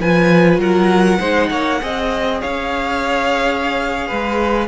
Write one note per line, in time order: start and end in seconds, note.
0.00 0.58 F3
0.00 1.20 F4
0.00 0.60 B4
0.00 0.60 G#5
0.58 1.19 F#3
0.58 1.19 A#4
0.58 2.41 F#5
1.19 1.51 G#3
1.19 1.81 D#4
1.19 1.49 C5
1.51 1.81 A#3
1.51 1.81 C#5
1.81 2.43 C4
1.81 4.68 G#4
1.81 2.41 D#5
2.41 4.11 C#4
2.41 4.07 C#5
2.41 4.68 F5
4.07 4.68 G#3
4.07 4.68 B4